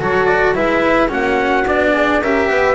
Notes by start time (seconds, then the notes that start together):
0.00 F#3 F#4 A4 C#5
0.26 D5
0.55 G#3 E4 B4 E5
1.08 A#3 C#4 F#4 F#5
1.66 B3 D4 D5
1.93 G#4
2.21 C#4 G4 A#4 E5
2.48 B3 B4